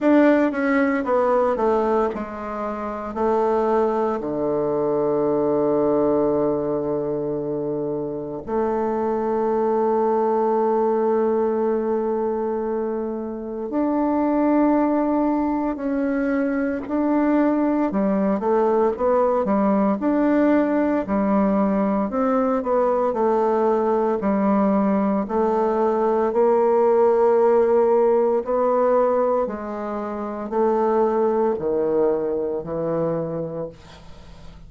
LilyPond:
\new Staff \with { instrumentName = "bassoon" } { \time 4/4 \tempo 4 = 57 d'8 cis'8 b8 a8 gis4 a4 | d1 | a1~ | a4 d'2 cis'4 |
d'4 g8 a8 b8 g8 d'4 | g4 c'8 b8 a4 g4 | a4 ais2 b4 | gis4 a4 dis4 e4 | }